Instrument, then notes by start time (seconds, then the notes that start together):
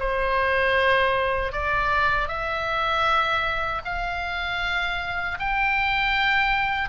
oboe
0.00 C5
1.53 D5
2.28 E5
3.85 F5
5.40 G5